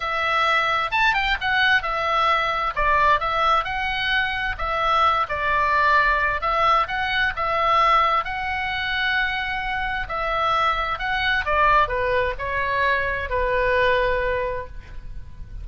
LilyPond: \new Staff \with { instrumentName = "oboe" } { \time 4/4 \tempo 4 = 131 e''2 a''8 g''8 fis''4 | e''2 d''4 e''4 | fis''2 e''4. d''8~ | d''2 e''4 fis''4 |
e''2 fis''2~ | fis''2 e''2 | fis''4 d''4 b'4 cis''4~ | cis''4 b'2. | }